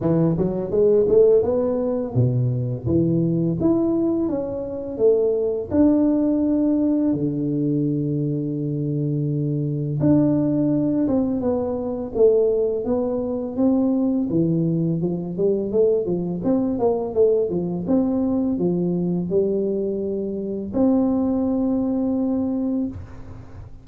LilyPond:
\new Staff \with { instrumentName = "tuba" } { \time 4/4 \tempo 4 = 84 e8 fis8 gis8 a8 b4 b,4 | e4 e'4 cis'4 a4 | d'2 d2~ | d2 d'4. c'8 |
b4 a4 b4 c'4 | e4 f8 g8 a8 f8 c'8 ais8 | a8 f8 c'4 f4 g4~ | g4 c'2. | }